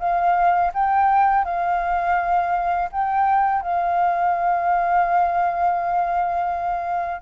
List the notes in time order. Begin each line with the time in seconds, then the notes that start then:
0.00 F5
0.74 G5
1.45 F5
2.92 G5
3.62 F5